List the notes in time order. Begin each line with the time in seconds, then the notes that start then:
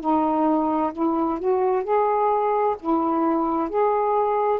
0.00 D#4
0.93 E4
1.39 F#4
1.83 G#4
2.80 E4
3.69 G#4